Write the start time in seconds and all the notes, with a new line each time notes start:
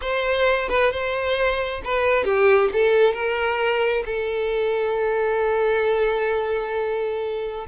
0.01 C5
0.68 B4
0.91 C5
1.84 B4
2.24 G4
2.72 A4
3.13 A#4
4.05 A4